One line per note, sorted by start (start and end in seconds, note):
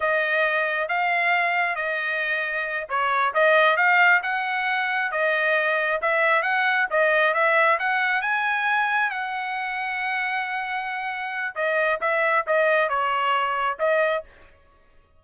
0.00 0.88 D#5
0.88 1.75 F5
1.75 2.86 D#5
2.89 3.33 C#5
3.33 3.77 D#5
3.77 4.21 F5
4.22 5.11 F#5
5.11 6.00 D#5
6.01 6.42 E5
6.42 6.86 F#5
6.90 7.33 D#5
7.33 7.78 E5
7.79 8.21 F#5
8.21 9.10 G#5
9.10 11.55 F#5
11.55 11.99 D#5
12.00 12.45 E5
12.47 12.89 D#5
12.89 13.78 C#5
13.79 14.23 D#5